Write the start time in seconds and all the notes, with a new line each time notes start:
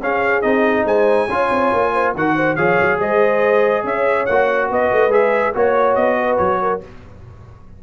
0.00 C#4 G#4 F5
0.42 C4 D#4 D#5
0.84 G#3 C5 G#5
1.27 C#4 F4 C#5
1.51 C4
1.73 A#3
1.93 C5
2.14 D#3 F#4 A#4 F#5
2.36 C5
2.56 F3 G#4 C#5 F5
2.81 F#3
2.99 G#3 C5 D#5
3.84 C#4 C#5 E5
4.26 A#3 F#4 F#5
4.70 B3 B4 D#5
4.92 A3
5.08 G#3 G#4 E5
5.53 A#3 F#4 C#5
5.95 B3 D#5
6.18 B4
6.37 F#3 C#5
6.61 A#4